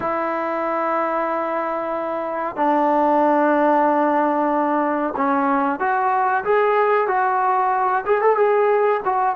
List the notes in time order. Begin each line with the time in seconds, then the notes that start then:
0.00 E4
2.56 D4
5.16 C#4
5.79 F#4
6.44 G#4
7.07 F#4
8.05 G#4
8.21 A4
8.36 G#4
9.04 F#4